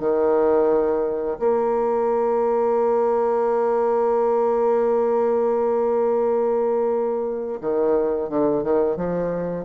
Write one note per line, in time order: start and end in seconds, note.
0.00 1.38 D#3
1.40 7.61 A#3
7.61 8.29 D#3
8.29 8.64 D3
8.64 8.97 D#3
8.97 9.66 F3